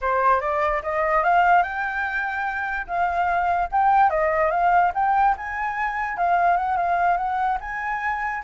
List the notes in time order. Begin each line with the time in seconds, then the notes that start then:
0.01 C5
0.40 D5
0.83 D#5
1.23 F5
1.63 G5
2.86 F5
3.71 G5
4.09 D#5
4.51 F5
4.94 G5
5.37 G#5
6.17 F5
6.57 F#5
6.76 F5
7.17 F#5
7.60 G#5